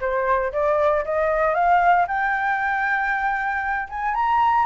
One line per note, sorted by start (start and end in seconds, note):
0.00 0.52 C5
0.52 1.04 D5
1.04 1.54 D#5
1.54 2.06 F5
2.07 3.88 G5
3.89 4.14 G#5
4.14 4.65 A#5